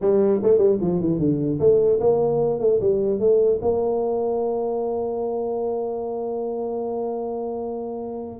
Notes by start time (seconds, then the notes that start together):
0.01 G3
0.43 A3
0.57 G3
0.80 F3
1.00 E3
1.18 D3
1.59 A3
2.00 A#3
2.60 A3
2.80 G3
3.19 A3
3.61 A#3